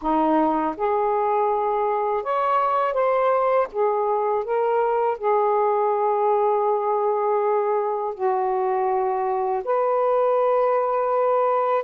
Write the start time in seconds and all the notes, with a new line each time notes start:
0.01 D#4
0.76 G#4
2.23 C#5
2.93 C5
3.72 G#4
4.44 A#4
5.18 G#4
8.14 F#4
9.64 B4